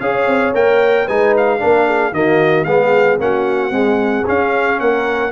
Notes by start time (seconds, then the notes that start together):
0.00 C#4 G#4 C#5 F5
0.26 C4
0.54 A#3 A#4 G5
1.05 G#3 D#4 B4 G#5
1.37 F5
1.59 A#3 D4 A#4
1.86 G#4
2.12 D#3 A#3 F#4 D#5
2.64 G#3 B3 G#4 F5
3.19 A#3 C#4 F#4 F#5
3.71 G#3 C4 G#4
4.26 C#4 F5
4.80 A#3 A#4 F#5